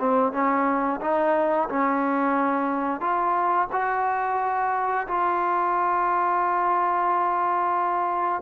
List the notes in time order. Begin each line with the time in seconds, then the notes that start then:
0.00 C4
0.33 C#4
1.01 D#4
1.69 C#4
3.01 F4
3.73 F#4
5.08 F4